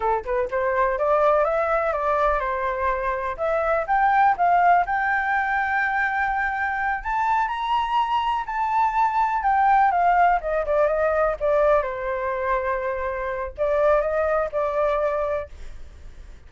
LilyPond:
\new Staff \with { instrumentName = "flute" } { \time 4/4 \tempo 4 = 124 a'8 b'8 c''4 d''4 e''4 | d''4 c''2 e''4 | g''4 f''4 g''2~ | g''2~ g''8 a''4 ais''8~ |
ais''4. a''2 g''8~ | g''8 f''4 dis''8 d''8 dis''4 d''8~ | d''8 c''2.~ c''8 | d''4 dis''4 d''2 | }